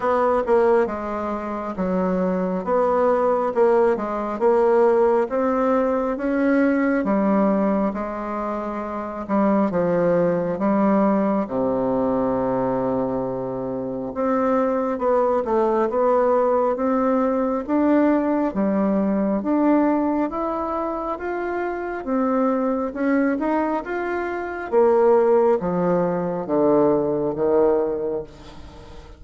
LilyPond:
\new Staff \with { instrumentName = "bassoon" } { \time 4/4 \tempo 4 = 68 b8 ais8 gis4 fis4 b4 | ais8 gis8 ais4 c'4 cis'4 | g4 gis4. g8 f4 | g4 c2. |
c'4 b8 a8 b4 c'4 | d'4 g4 d'4 e'4 | f'4 c'4 cis'8 dis'8 f'4 | ais4 f4 d4 dis4 | }